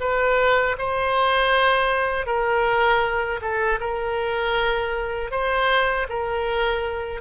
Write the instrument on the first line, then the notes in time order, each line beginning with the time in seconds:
oboe
0.00 B4
0.78 C5
2.26 A#4
3.41 A4
3.80 A#4
5.31 C5
6.09 A#4